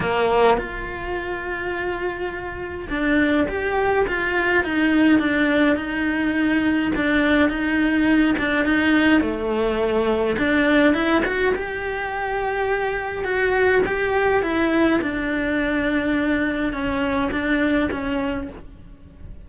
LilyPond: \new Staff \with { instrumentName = "cello" } { \time 4/4 \tempo 4 = 104 ais4 f'2.~ | f'4 d'4 g'4 f'4 | dis'4 d'4 dis'2 | d'4 dis'4. d'8 dis'4 |
a2 d'4 e'8 fis'8 | g'2. fis'4 | g'4 e'4 d'2~ | d'4 cis'4 d'4 cis'4 | }